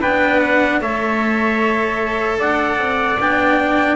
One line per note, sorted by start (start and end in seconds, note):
0.00 0.81 B3
0.00 0.81 D4
0.00 0.79 B4
0.00 0.40 G5
0.40 0.80 F#5
0.81 2.39 A3
0.81 3.18 A4
0.81 2.39 C#5
0.81 2.39 E5
2.39 2.78 D4
2.39 3.95 D5
2.39 3.19 F#5
2.78 3.17 C4
3.19 3.95 B3
3.19 3.95 D4
3.19 3.95 G5